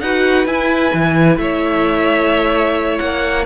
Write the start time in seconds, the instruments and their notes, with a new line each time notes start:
0.00 cello D#4, viola F#4, violin B4 F#5
0.46 cello E4, viola E4, violin G#5
0.93 cello E3
1.37 cello A3, violin C#5 E5
2.98 cello A#3, violin F#5